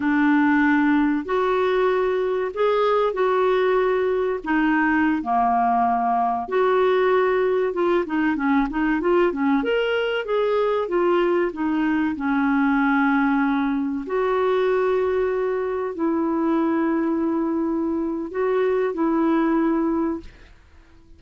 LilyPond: \new Staff \with { instrumentName = "clarinet" } { \time 4/4 \tempo 4 = 95 d'2 fis'2 | gis'4 fis'2 dis'4~ | dis'16 ais2 fis'4.~ fis'16~ | fis'16 f'8 dis'8 cis'8 dis'8 f'8 cis'8 ais'8.~ |
ais'16 gis'4 f'4 dis'4 cis'8.~ | cis'2~ cis'16 fis'4.~ fis'16~ | fis'4~ fis'16 e'2~ e'8.~ | e'4 fis'4 e'2 | }